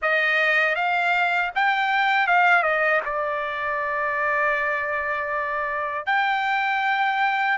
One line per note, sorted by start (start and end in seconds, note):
0.02 0.75 D#5
0.75 1.51 F5
1.55 2.27 G5
2.27 2.62 F5
2.62 3.00 D#5
3.05 6.06 D5
6.06 7.57 G5